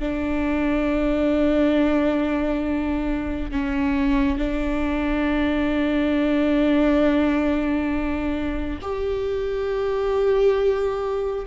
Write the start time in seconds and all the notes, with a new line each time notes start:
0.00 D4
3.52 C#4
4.38 D4
8.82 G4